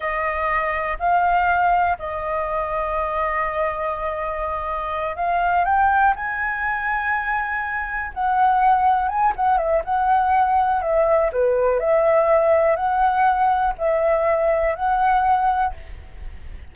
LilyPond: \new Staff \with { instrumentName = "flute" } { \time 4/4 \tempo 4 = 122 dis''2 f''2 | dis''1~ | dis''2~ dis''8 f''4 g''8~ | g''8 gis''2.~ gis''8~ |
gis''8 fis''2 gis''8 fis''8 e''8 | fis''2 e''4 b'4 | e''2 fis''2 | e''2 fis''2 | }